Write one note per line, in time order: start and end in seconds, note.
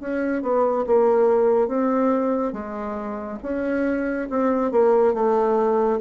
0.00 0.42 C#4
0.42 0.85 B3
0.86 1.68 A#3
1.68 2.52 C4
2.52 3.38 G#3
3.42 4.28 C#4
4.30 4.71 C4
4.71 5.14 A#3
5.14 6.00 A3